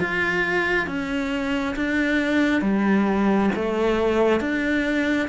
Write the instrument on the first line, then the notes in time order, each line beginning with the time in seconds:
cello
0.00 F4
0.87 C#4
1.76 D4
2.62 G3
3.55 A3
4.40 D4